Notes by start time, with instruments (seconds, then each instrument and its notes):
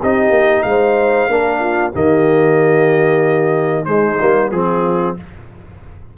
0.00 tuba C4, trombone D#4, horn G4, trumpet D#5
0.30 tuba A#3
0.63 tuba G#3, horn C5, trumpet F5
1.28 tuba A#3, trombone D4, horn A#4
1.60 horn F4
1.93 tuba D#3, trombone A#3, horn G4, trumpet D#5
3.85 trombone G#3, tuba G#3, horn D#4, trumpet C5
4.21 tuba G3, trombone A#3
4.51 tuba F3, trombone C4, horn F4, trumpet G#4